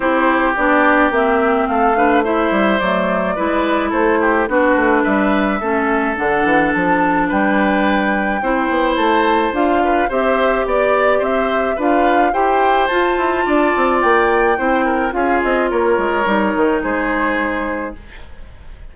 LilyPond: <<
  \new Staff \with { instrumentName = "flute" } { \time 4/4 \tempo 4 = 107 c''4 d''4 e''4 f''4 | e''4 d''2 c''4 | b'4 e''2 fis''4 | a''4 g''2. |
a''4 f''4 e''4 d''4 | e''4 f''4 g''4 a''4~ | a''4 g''2 f''8 dis''8 | cis''2 c''2 | }
  \new Staff \with { instrumentName = "oboe" } { \time 4/4 g'2. a'8 b'8 | c''2 b'4 a'8 g'8 | fis'4 b'4 a'2~ | a'4 b'2 c''4~ |
c''4. b'8 c''4 d''4 | c''4 b'4 c''2 | d''2 c''8 ais'8 gis'4 | ais'2 gis'2 | }
  \new Staff \with { instrumentName = "clarinet" } { \time 4/4 e'4 d'4 c'4. d'8 | e'4 a4 e'2 | d'2 cis'4 d'4~ | d'2. e'4~ |
e'4 f'4 g'2~ | g'4 f'4 g'4 f'4~ | f'2 e'4 f'4~ | f'4 dis'2. | }
  \new Staff \with { instrumentName = "bassoon" } { \time 4/4 c'4 b4 ais4 a4~ | a8 g8 fis4 gis4 a4 | b8 a8 g4 a4 d8 e8 | f4 g2 c'8 b8 |
a4 d'4 c'4 b4 | c'4 d'4 e'4 f'8 e'8 | d'8 c'8 ais4 c'4 cis'8 c'8 | ais8 gis8 g8 dis8 gis2 | }
>>